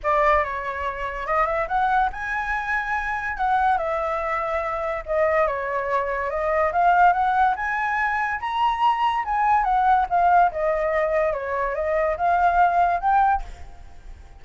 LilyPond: \new Staff \with { instrumentName = "flute" } { \time 4/4 \tempo 4 = 143 d''4 cis''2 dis''8 e''8 | fis''4 gis''2. | fis''4 e''2. | dis''4 cis''2 dis''4 |
f''4 fis''4 gis''2 | ais''2 gis''4 fis''4 | f''4 dis''2 cis''4 | dis''4 f''2 g''4 | }